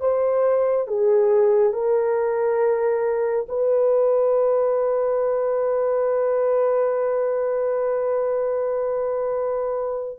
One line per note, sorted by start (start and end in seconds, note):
0.00 0.87 C5
0.87 1.72 G#4
1.72 3.46 A#4
3.48 10.19 B4